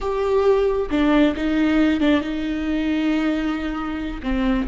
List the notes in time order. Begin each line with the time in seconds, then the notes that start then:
0.00 G4
0.90 D4
1.36 D#4
2.00 D4
2.21 D#4
4.22 C4